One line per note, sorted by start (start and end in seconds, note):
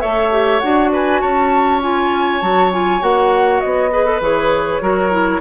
0.00 0.62 A3
0.00 0.30 A4
0.00 0.91 C#5
0.00 0.59 E5
0.31 0.61 G4
0.59 1.22 D4
0.59 1.81 F#4
0.59 0.89 F#5
0.92 1.21 B4
0.92 1.20 G#5
1.20 2.42 C#4
1.20 3.91 C#5
1.20 1.80 A5
1.81 2.41 F4
1.81 2.41 G#5
2.41 3.02 F#3
2.41 2.71 F#4
2.41 2.71 A5
2.72 3.00 F4
2.72 3.03 G#5
3.00 3.62 A#3
3.00 3.90 F#4
3.00 3.60 F#5
3.60 4.21 B3
3.60 4.20 D#5
3.92 4.05 G#4
3.92 4.82 B4
4.05 4.20 A4
4.21 4.81 E3
4.21 4.81 G#4
4.21 5.41 C#5
4.81 5.41 F#3
4.81 5.11 F#4
4.81 5.41 A#4
5.11 5.41 E4